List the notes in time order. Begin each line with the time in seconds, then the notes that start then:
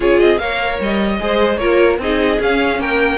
0.00 C#4 F4 G#4 C#5
0.20 C4 D#5
0.38 A#3 A#4 C#5 F5
0.79 G3 D#5
1.19 G#3 G#4 C5
1.56 A#3 F4 A#4 C#5
1.98 C4 D#4 G#4 D#5
2.39 C#4 F5
2.79 A#3 A#4 G5